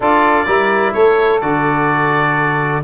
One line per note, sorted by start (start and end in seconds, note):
0.00 0.45 D4
0.00 0.46 F4
0.00 0.45 A4
0.00 0.93 D5
0.45 0.94 G3
0.45 1.40 E4
0.45 0.92 A#4
0.93 1.42 A3
0.93 2.82 A4
0.93 1.40 C#5
1.40 2.84 D3
1.40 2.83 F#4
1.40 2.82 D5